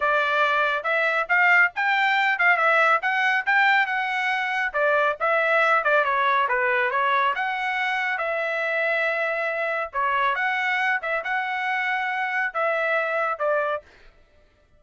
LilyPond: \new Staff \with { instrumentName = "trumpet" } { \time 4/4 \tempo 4 = 139 d''2 e''4 f''4 | g''4. f''8 e''4 fis''4 | g''4 fis''2 d''4 | e''4. d''8 cis''4 b'4 |
cis''4 fis''2 e''4~ | e''2. cis''4 | fis''4. e''8 fis''2~ | fis''4 e''2 d''4 | }